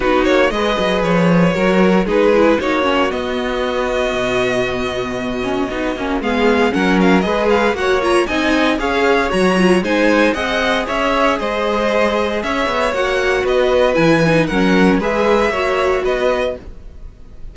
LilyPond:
<<
  \new Staff \with { instrumentName = "violin" } { \time 4/4 \tempo 4 = 116 b'8 cis''8 dis''4 cis''2 | b'4 cis''4 dis''2~ | dis''1 | f''4 fis''8 f''8 dis''8 f''8 fis''8 ais''8 |
gis''4 f''4 ais''4 gis''4 | fis''4 e''4 dis''2 | e''4 fis''4 dis''4 gis''4 | fis''4 e''2 dis''4 | }
  \new Staff \with { instrumentName = "violin" } { \time 4/4 fis'4 b'2 ais'4 | gis'4 fis'2.~ | fis'1 | gis'4 ais'4 b'4 cis''4 |
dis''4 cis''2 c''4 | dis''4 cis''4 c''2 | cis''2 b'2 | ais'4 b'4 cis''4 b'4 | }
  \new Staff \with { instrumentName = "viola" } { \time 4/4 dis'4 gis'2 fis'4 | dis'8 e'8 dis'8 cis'8 b2~ | b2~ b8 cis'8 dis'8 cis'8 | b4 cis'4 gis'4 fis'8 f'8 |
dis'4 gis'4 fis'8 f'8 dis'4 | gis'1~ | gis'4 fis'2 e'8 dis'8 | cis'4 gis'4 fis'2 | }
  \new Staff \with { instrumentName = "cello" } { \time 4/4 b8 ais8 gis8 fis8 f4 fis4 | gis4 ais4 b2 | b,2. b8 ais8 | gis4 fis4 gis4 ais4 |
c'4 cis'4 fis4 gis4 | c'4 cis'4 gis2 | cis'8 b8 ais4 b4 e4 | fis4 gis4 ais4 b4 | }
>>